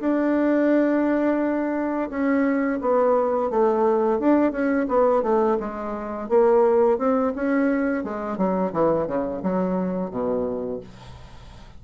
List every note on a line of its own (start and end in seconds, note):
0.00 2.09 D4
2.10 2.79 C#4
2.81 3.50 B3
3.50 4.19 A3
4.19 4.52 D4
4.52 4.86 C#4
4.88 5.22 B3
5.22 5.57 A3
5.59 6.29 G#3
6.29 6.98 A#3
6.98 7.33 C4
7.35 8.04 C#4
8.04 8.37 G#3
8.37 8.72 F#3
8.72 9.07 E3
9.07 9.42 C#3
9.42 10.10 F#3
10.10 10.80 B2